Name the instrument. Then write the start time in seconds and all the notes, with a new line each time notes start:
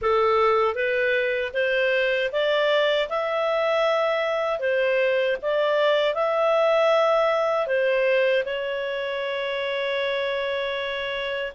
clarinet
0.01 A4
0.74 B4
1.53 C5
2.31 D5
3.09 E5
4.59 C5
5.42 D5
6.14 E5
7.66 C5
8.45 C#5